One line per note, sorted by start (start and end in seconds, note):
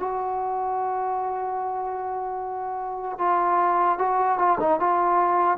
0.00 3.19 F#4
3.19 3.99 F4
3.99 4.39 F#4
4.39 4.59 F4
4.61 4.80 D#4
4.80 5.58 F4